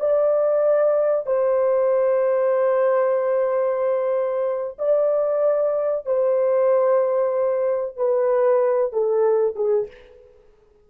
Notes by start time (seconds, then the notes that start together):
0.00 D5
1.26 C5
4.78 D5
6.06 C5
7.97 B4
8.92 A4
9.55 G#4